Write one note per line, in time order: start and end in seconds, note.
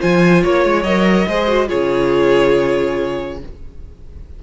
0.00 0.44 F3
0.00 0.85 F4
0.00 0.43 C5
0.00 0.44 G#5
0.43 0.65 A#3
0.43 1.28 C#5
0.43 0.84 C#5
0.65 0.84 G#3
0.84 1.26 F#3
0.84 1.29 A#4
0.84 1.69 D#5
1.28 1.70 G#3
1.28 1.48 G#4
1.28 1.69 C5
1.48 1.67 F#4
1.67 3.43 C#3
1.67 3.38 F4
1.67 3.39 G#4
1.67 3.39 C#5